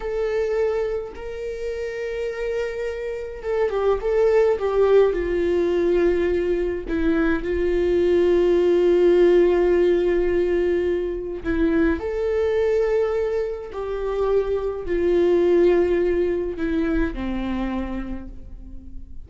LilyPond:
\new Staff \with { instrumentName = "viola" } { \time 4/4 \tempo 4 = 105 a'2 ais'2~ | ais'2 a'8 g'8 a'4 | g'4 f'2. | e'4 f'2.~ |
f'1 | e'4 a'2. | g'2 f'2~ | f'4 e'4 c'2 | }